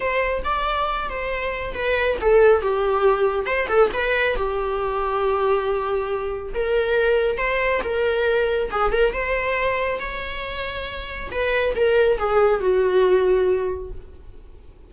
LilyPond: \new Staff \with { instrumentName = "viola" } { \time 4/4 \tempo 4 = 138 c''4 d''4. c''4. | b'4 a'4 g'2 | c''8 a'8 b'4 g'2~ | g'2. ais'4~ |
ais'4 c''4 ais'2 | gis'8 ais'8 c''2 cis''4~ | cis''2 b'4 ais'4 | gis'4 fis'2. | }